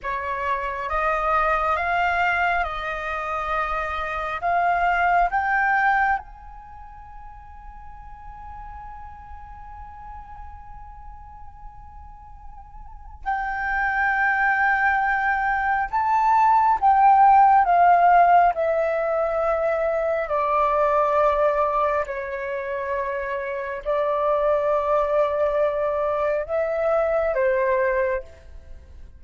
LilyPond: \new Staff \with { instrumentName = "flute" } { \time 4/4 \tempo 4 = 68 cis''4 dis''4 f''4 dis''4~ | dis''4 f''4 g''4 gis''4~ | gis''1~ | gis''2. g''4~ |
g''2 a''4 g''4 | f''4 e''2 d''4~ | d''4 cis''2 d''4~ | d''2 e''4 c''4 | }